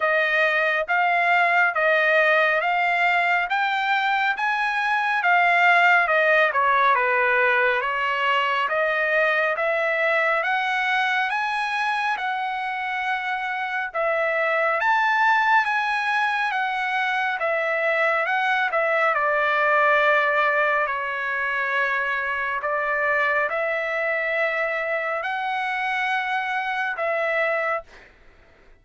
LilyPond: \new Staff \with { instrumentName = "trumpet" } { \time 4/4 \tempo 4 = 69 dis''4 f''4 dis''4 f''4 | g''4 gis''4 f''4 dis''8 cis''8 | b'4 cis''4 dis''4 e''4 | fis''4 gis''4 fis''2 |
e''4 a''4 gis''4 fis''4 | e''4 fis''8 e''8 d''2 | cis''2 d''4 e''4~ | e''4 fis''2 e''4 | }